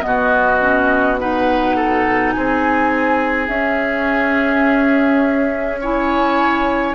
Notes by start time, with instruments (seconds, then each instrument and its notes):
0.00 bassoon B2, clarinet B3, flute D#5
0.06 oboe F#4
0.60 clarinet C#4
1.19 clarinet D#4, oboe B4, flute F#5
1.75 oboe A4
2.31 bassoon C4, oboe G#4, flute G#5
3.48 bassoon C#4, clarinet C#4, flute E5
5.80 clarinet E4, oboe C#5, flute G#5